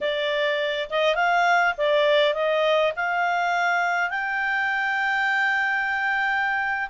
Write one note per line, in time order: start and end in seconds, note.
0.00 0.89 D5
0.90 1.15 D#5
1.15 1.74 F5
1.77 2.34 D5
2.34 2.93 D#5
2.95 4.10 F5
4.10 6.89 G5